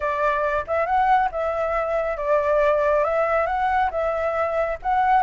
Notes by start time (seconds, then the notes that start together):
0.00 D5
0.67 E5
0.86 F#5
1.31 E5
2.17 D5
3.04 E5
3.46 F#5
3.91 E5
4.82 F#5